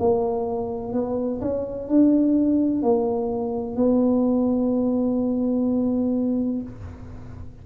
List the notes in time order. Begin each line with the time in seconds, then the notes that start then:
0.00 A#3
0.94 B3
1.42 C#4
1.89 D4
2.83 A#3
3.77 B3